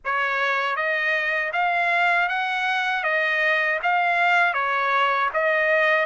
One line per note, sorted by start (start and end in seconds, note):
0.04 0.76 C#5
0.76 1.52 D#5
1.53 2.28 F5
2.28 3.03 F#5
3.03 3.79 D#5
3.83 4.53 F5
4.53 5.29 C#5
5.33 6.06 D#5